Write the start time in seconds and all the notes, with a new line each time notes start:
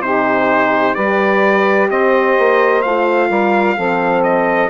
0.00 C3 D#4 G4 C5
0.95 G3 G4 B4 D5
1.90 C4 C5 D#5
2.38 A#3
2.81 A3 F4 F5
3.29 G3 A#4
3.76 F3 C4 A4
4.23 D#5